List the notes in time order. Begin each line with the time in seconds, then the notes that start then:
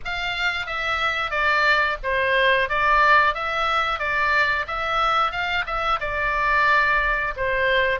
0.05 F5
0.66 E5
1.30 D5
2.03 C5
2.68 D5
3.34 E5
3.98 D5
4.67 E5
5.31 F5
5.66 E5
6.00 D5
7.36 C5